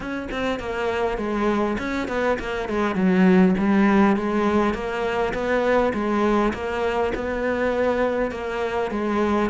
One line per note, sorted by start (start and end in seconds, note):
0.00 0.28 C#4
0.31 0.59 C4
0.59 1.17 A#3
1.17 1.77 G#3
1.78 2.08 C#4
2.08 2.38 B3
2.39 2.68 A#3
2.69 2.95 G#3
2.95 3.54 F#3
3.58 4.16 G3
4.16 4.74 G#3
4.74 5.33 A#3
5.33 5.92 B3
5.93 6.52 G#3
6.53 7.13 A#3
7.14 8.31 B3
8.31 8.90 A#3
8.90 9.50 G#3